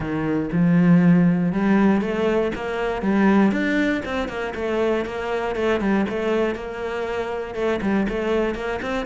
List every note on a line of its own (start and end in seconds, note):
0.00 0.49 D#3
0.52 1.52 F3
1.52 2.01 G3
2.01 2.51 A3
2.55 3.02 A#3
3.02 3.51 G3
3.51 4.02 D4
4.05 4.28 C4
4.28 4.53 A#3
4.54 5.05 A3
5.05 5.55 A#3
5.55 5.80 A3
5.80 6.05 G3
6.09 6.55 A3
6.55 7.54 A#3
7.54 7.80 A3
7.81 8.06 G3
8.09 8.55 A3
8.55 8.80 A#3
8.82 9.05 C4